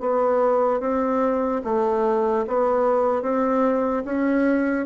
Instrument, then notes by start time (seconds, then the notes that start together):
bassoon
0.00 B3
0.80 C4
1.64 A3
2.47 B3
3.22 C4
4.05 C#4